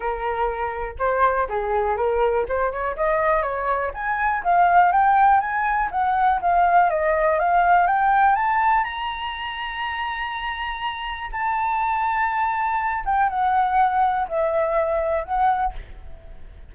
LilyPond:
\new Staff \with { instrumentName = "flute" } { \time 4/4 \tempo 4 = 122 ais'2 c''4 gis'4 | ais'4 c''8 cis''8 dis''4 cis''4 | gis''4 f''4 g''4 gis''4 | fis''4 f''4 dis''4 f''4 |
g''4 a''4 ais''2~ | ais''2. a''4~ | a''2~ a''8 g''8 fis''4~ | fis''4 e''2 fis''4 | }